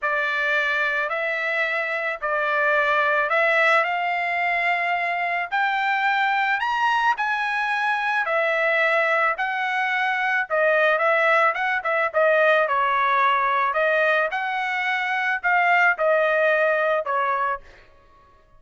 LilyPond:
\new Staff \with { instrumentName = "trumpet" } { \time 4/4 \tempo 4 = 109 d''2 e''2 | d''2 e''4 f''4~ | f''2 g''2 | ais''4 gis''2 e''4~ |
e''4 fis''2 dis''4 | e''4 fis''8 e''8 dis''4 cis''4~ | cis''4 dis''4 fis''2 | f''4 dis''2 cis''4 | }